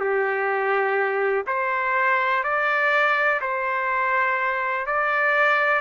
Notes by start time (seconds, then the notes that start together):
0.00 G4
1.47 C5
2.43 D5
3.41 C5
4.86 D5